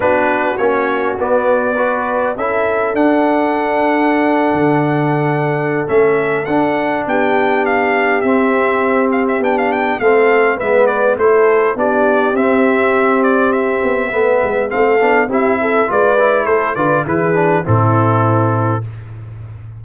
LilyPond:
<<
  \new Staff \with { instrumentName = "trumpet" } { \time 4/4 \tempo 4 = 102 b'4 cis''4 d''2 | e''4 fis''2.~ | fis''2 e''4 fis''4 | g''4 f''4 e''4. f''16 e''16 |
g''16 f''16 g''8 f''4 e''8 d''8 c''4 | d''4 e''4. d''8 e''4~ | e''4 f''4 e''4 d''4 | c''8 d''8 b'4 a'2 | }
  \new Staff \with { instrumentName = "horn" } { \time 4/4 fis'2. b'4 | a'1~ | a'1 | g'1~ |
g'4 a'4 b'4 a'4 | g'1 | b'4 a'4 g'8 a'8 b'4 | a'8 b'8 gis'4 e'2 | }
  \new Staff \with { instrumentName = "trombone" } { \time 4/4 d'4 cis'4 b4 fis'4 | e'4 d'2.~ | d'2 cis'4 d'4~ | d'2 c'2 |
d'4 c'4 b4 e'4 | d'4 c'2. | b4 c'8 d'8 e'4 f'8 e'8~ | e'8 f'8 e'8 d'8 c'2 | }
  \new Staff \with { instrumentName = "tuba" } { \time 4/4 b4 ais4 b2 | cis'4 d'2~ d'8. d16~ | d2 a4 d'4 | b2 c'2 |
b4 a4 gis4 a4 | b4 c'2~ c'8 b8 | a8 gis8 a8 b8 c'4 gis4 | a8 d8 e4 a,2 | }
>>